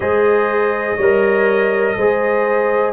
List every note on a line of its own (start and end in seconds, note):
0.00 0.97 G#3
0.00 0.98 G#4
0.00 0.96 C5
0.00 2.93 D#5
0.96 1.95 G3
0.96 1.99 A#4
0.96 1.95 C#5
1.97 2.93 G#3
1.97 2.93 G#4
1.97 2.93 C5